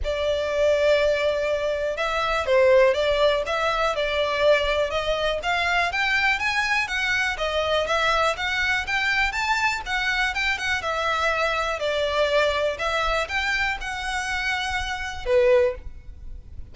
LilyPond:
\new Staff \with { instrumentName = "violin" } { \time 4/4 \tempo 4 = 122 d''1 | e''4 c''4 d''4 e''4 | d''2 dis''4 f''4 | g''4 gis''4 fis''4 dis''4 |
e''4 fis''4 g''4 a''4 | fis''4 g''8 fis''8 e''2 | d''2 e''4 g''4 | fis''2. b'4 | }